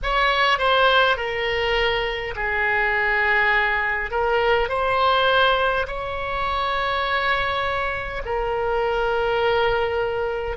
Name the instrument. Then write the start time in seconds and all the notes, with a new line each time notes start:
oboe
0.03 C#5
0.58 C5
1.17 A#4
2.35 G#4
4.11 A#4
4.68 C5
5.87 C#5
8.25 A#4